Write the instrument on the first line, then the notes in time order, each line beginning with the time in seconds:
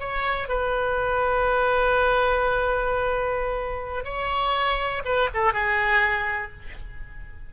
oboe
0.00 C#5
0.49 B4
4.05 C#5
5.05 B4
5.34 A4
5.54 G#4